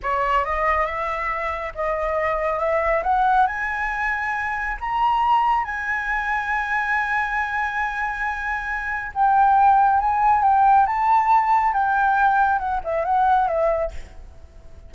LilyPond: \new Staff \with { instrumentName = "flute" } { \time 4/4 \tempo 4 = 138 cis''4 dis''4 e''2 | dis''2 e''4 fis''4 | gis''2. ais''4~ | ais''4 gis''2.~ |
gis''1~ | gis''4 g''2 gis''4 | g''4 a''2 g''4~ | g''4 fis''8 e''8 fis''4 e''4 | }